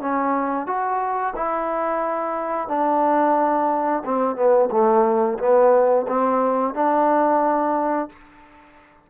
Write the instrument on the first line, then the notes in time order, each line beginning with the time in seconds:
trombone
0.00 C#4
0.66 F#4
1.35 E4
2.68 D4
4.05 C4
4.35 B3
4.71 A3
5.38 B3
6.07 C4
6.74 D4